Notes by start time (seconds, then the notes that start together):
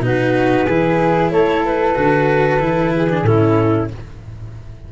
0.00 B2 D#4 F#4 B4
0.65 E3 E4 G#4
1.31 A3 A4 C#5
1.65 B4
1.95 D3 F#4
2.60 E3 E4
2.95 G#4
3.09 D4
3.22 A2 C#4 E4 A4